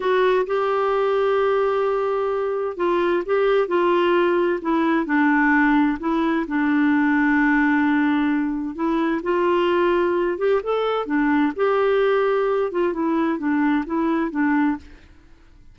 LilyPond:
\new Staff \with { instrumentName = "clarinet" } { \time 4/4 \tempo 4 = 130 fis'4 g'2.~ | g'2 f'4 g'4 | f'2 e'4 d'4~ | d'4 e'4 d'2~ |
d'2. e'4 | f'2~ f'8 g'8 a'4 | d'4 g'2~ g'8 f'8 | e'4 d'4 e'4 d'4 | }